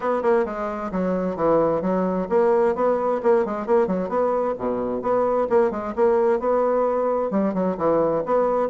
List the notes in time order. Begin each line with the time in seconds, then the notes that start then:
0.00 B3
0.22 A#3
0.45 G#3
0.91 F#3
1.35 E3
1.81 F#3
2.29 A#3
2.75 B3
3.22 A#3
3.45 G#3
3.66 A#3
3.87 F#3
4.08 B3
4.58 B2
5.02 B3
5.49 A#3
5.70 G#3
5.95 A#3
6.39 B3
7.31 G3
7.53 F#3
7.77 E3
8.25 B3